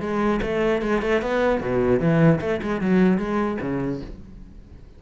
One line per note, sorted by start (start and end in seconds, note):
0.00 0.40 G#3
0.42 0.81 A3
0.81 1.01 G#3
1.01 1.21 A3
1.21 1.61 B3
1.61 2.00 B2
2.00 2.40 E3
2.40 2.60 A3
2.62 2.81 G#3
2.81 3.17 F#3
3.17 3.57 G#3
3.61 4.01 C#3